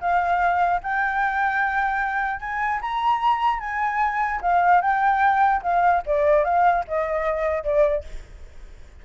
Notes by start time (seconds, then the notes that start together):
0.00 F5
0.83 G5
2.40 G#5
2.81 A#5
3.59 G#5
4.41 F5
4.81 G5
5.62 F5
6.06 D5
6.44 F5
6.87 D#5
7.64 D5